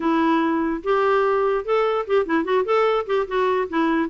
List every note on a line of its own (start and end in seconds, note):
0.00 0.81 E4
0.83 1.64 G4
1.64 2.05 A4
2.06 2.26 G4
2.26 2.44 E4
2.44 2.64 F#4
2.65 3.06 A4
3.06 3.26 G4
3.27 3.68 F#4
3.69 4.10 E4